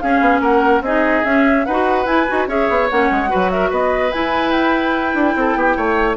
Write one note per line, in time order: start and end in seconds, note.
0.00 0.85 C#4
0.00 0.21 C#4
0.00 0.42 G#4
0.00 0.41 F5
0.21 0.41 B3
0.41 0.81 A#3
0.41 0.83 A#4
0.41 0.84 F#5
0.81 1.23 C4
0.81 1.25 D#4
0.81 1.67 G#4
0.81 1.25 D#5
1.25 1.66 C#4
1.25 1.67 C#4
1.25 1.66 E5
1.66 2.06 D#4
1.66 2.07 F#4
1.66 2.49 B4
1.66 2.07 F#5
2.06 2.26 E4
2.06 2.27 E4
2.06 2.48 G#5
2.29 2.48 D#4
2.29 2.49 F#4
2.48 2.68 C#4
2.48 2.90 G#4
2.48 3.30 C#5
2.48 2.90 E5
2.70 2.91 B3
2.90 3.11 A#3
2.90 3.29 C#4
2.90 3.51 F#5
3.11 3.32 G#3
3.29 4.11 F#4
3.29 3.51 B4
3.35 3.71 F#3
3.51 3.70 A#4
3.51 3.71 E5
3.70 4.12 B3
3.70 5.35 B4
3.70 4.13 D#5
4.13 6.17 E4
4.13 5.15 E4
4.13 4.52 G#5
4.52 6.16 G5
5.15 5.35 D4
5.36 5.56 C4
5.36 5.58 A4
5.56 5.76 B3
5.56 5.77 G4
5.77 6.17 A3
5.77 6.17 C#5